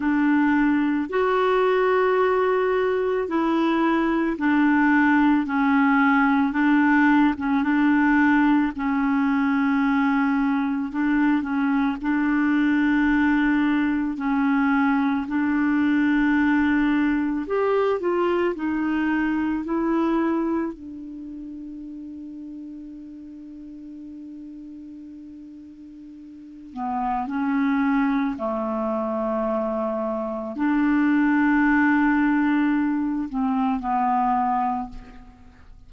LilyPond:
\new Staff \with { instrumentName = "clarinet" } { \time 4/4 \tempo 4 = 55 d'4 fis'2 e'4 | d'4 cis'4 d'8. cis'16 d'4 | cis'2 d'8 cis'8 d'4~ | d'4 cis'4 d'2 |
g'8 f'8 dis'4 e'4 d'4~ | d'1~ | d'8 b8 cis'4 a2 | d'2~ d'8 c'8 b4 | }